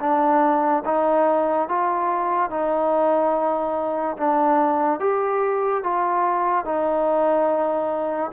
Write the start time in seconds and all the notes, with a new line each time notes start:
0.00 D4
0.85 D#4
1.69 F4
2.50 D#4
4.17 D4
5.00 G4
5.83 F4
6.65 D#4